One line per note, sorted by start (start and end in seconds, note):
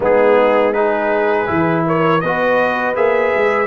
0.00 1.48 G#3
0.00 0.74 B3
0.00 0.74 D#4
0.00 0.73 G#4
0.73 1.46 D#4
0.73 1.85 G#4
0.73 1.84 B4
1.46 2.22 E3
1.46 2.20 E4
1.86 2.22 A#4
1.86 2.20 C#5
2.20 2.96 B3
2.20 2.95 F#4
2.20 3.66 B4
2.20 2.94 D#5
2.95 3.33 A#3
2.95 3.66 G#4
2.95 3.66 E5
3.35 3.66 G#3